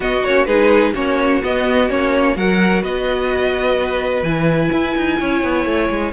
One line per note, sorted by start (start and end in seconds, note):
0.00 0.23 B3
0.00 0.24 B3
0.00 0.47 F#4
0.00 0.24 D#5
0.24 0.47 A#3
0.24 0.47 C#4
0.24 0.45 C#5
0.45 0.94 G#3
0.45 0.94 D#4
0.45 0.93 G#4
0.45 0.92 B4
0.93 1.42 A#3
0.93 1.41 C#4
0.93 2.35 F#4
0.93 1.42 C#5
1.42 1.89 B3
1.42 1.90 B3
1.42 1.90 D#5
1.89 2.36 A#3
1.89 2.36 C#4
1.89 2.36 C#5
2.36 2.81 F#3
2.36 4.25 F#4
2.36 2.82 A#4
2.36 2.83 F#5
2.81 4.22 B3
2.81 5.18 B4
2.81 4.23 D#5
4.22 4.69 E3
4.22 6.12 E4
4.22 6.12 G#5
4.72 4.95 E4
4.96 5.19 D#4
5.20 5.43 C#4
5.20 6.12 C#5
5.43 5.65 B3
5.65 5.89 A3
5.89 6.12 G#3